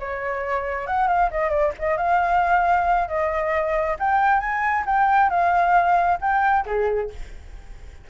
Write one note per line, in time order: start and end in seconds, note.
0.00 0.87 C#5
0.87 1.08 F#5
1.08 1.30 F5
1.31 1.50 D#5
1.50 1.72 D5
1.79 1.98 D#5
1.98 3.08 F5
3.08 3.97 D#5
3.99 4.40 G5
4.40 4.84 G#5
4.86 5.30 G5
5.30 6.19 F5
6.21 6.65 G5
6.66 7.10 G#4